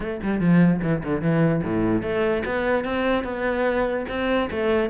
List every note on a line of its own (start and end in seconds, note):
0.00 0.20 A3
0.22 0.40 G3
0.40 0.81 F3
0.82 1.02 E3
1.04 1.21 D3
1.21 1.62 E3
1.63 2.02 A2
2.02 2.43 A3
2.45 2.84 B3
2.84 3.24 C4
3.24 4.05 B3
4.08 4.49 C4
4.50 4.89 A3